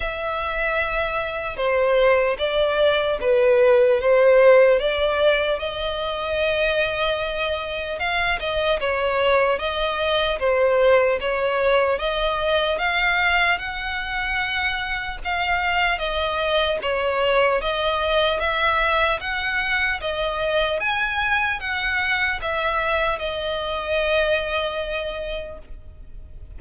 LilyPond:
\new Staff \with { instrumentName = "violin" } { \time 4/4 \tempo 4 = 75 e''2 c''4 d''4 | b'4 c''4 d''4 dis''4~ | dis''2 f''8 dis''8 cis''4 | dis''4 c''4 cis''4 dis''4 |
f''4 fis''2 f''4 | dis''4 cis''4 dis''4 e''4 | fis''4 dis''4 gis''4 fis''4 | e''4 dis''2. | }